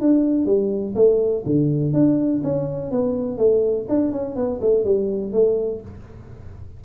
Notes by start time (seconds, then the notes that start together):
0.00 D4
0.45 G3
0.95 A3
1.45 D3
1.93 D4
2.43 C#4
2.91 B3
3.37 A3
3.88 D4
4.11 C#4
4.35 B3
4.61 A3
4.84 G3
5.32 A3